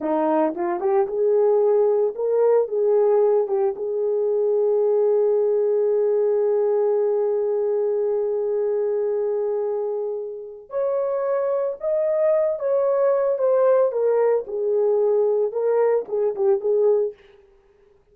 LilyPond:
\new Staff \with { instrumentName = "horn" } { \time 4/4 \tempo 4 = 112 dis'4 f'8 g'8 gis'2 | ais'4 gis'4. g'8 gis'4~ | gis'1~ | gis'1~ |
gis'1 | cis''2 dis''4. cis''8~ | cis''4 c''4 ais'4 gis'4~ | gis'4 ais'4 gis'8 g'8 gis'4 | }